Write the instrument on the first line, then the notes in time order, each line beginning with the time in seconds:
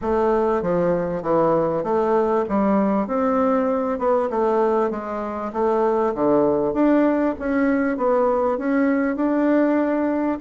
bassoon
0.01 A3
0.62 F3
1.22 E3
1.83 A3
2.48 G3
3.07 C4
3.98 B3
4.29 A3
4.90 G#3
5.52 A3
6.14 D3
6.73 D4
7.39 C#4
7.97 B3
8.58 C#4
9.16 D4